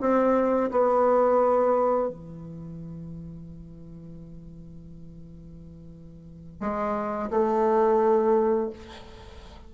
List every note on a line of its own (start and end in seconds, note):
0.00 0.70 C4
0.71 2.08 B3
2.08 6.60 E3
6.60 7.29 G#3
7.30 8.70 A3